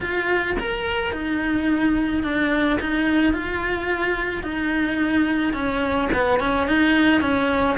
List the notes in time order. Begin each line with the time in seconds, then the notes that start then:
0.01 F4
0.58 A#4
1.12 D#4
2.23 D4
2.80 D#4
3.33 F4
4.43 D#4
5.53 C#4
6.13 B3
6.39 C#4
6.67 D#4
7.21 C#4